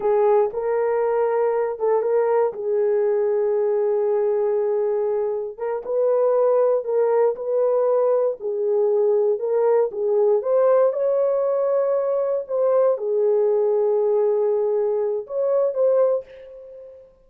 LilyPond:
\new Staff \with { instrumentName = "horn" } { \time 4/4 \tempo 4 = 118 gis'4 ais'2~ ais'8 a'8 | ais'4 gis'2.~ | gis'2. ais'8 b'8~ | b'4. ais'4 b'4.~ |
b'8 gis'2 ais'4 gis'8~ | gis'8 c''4 cis''2~ cis''8~ | cis''8 c''4 gis'2~ gis'8~ | gis'2 cis''4 c''4 | }